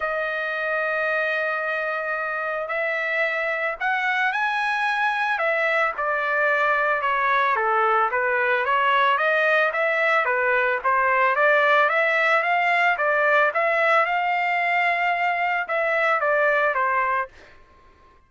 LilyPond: \new Staff \with { instrumentName = "trumpet" } { \time 4/4 \tempo 4 = 111 dis''1~ | dis''4 e''2 fis''4 | gis''2 e''4 d''4~ | d''4 cis''4 a'4 b'4 |
cis''4 dis''4 e''4 b'4 | c''4 d''4 e''4 f''4 | d''4 e''4 f''2~ | f''4 e''4 d''4 c''4 | }